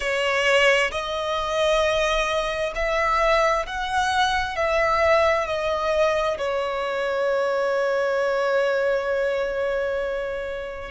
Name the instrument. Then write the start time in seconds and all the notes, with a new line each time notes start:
violin
0.00 C#5
0.91 D#5
2.75 E5
3.66 F#5
4.56 E5
5.46 D#5
6.38 C#5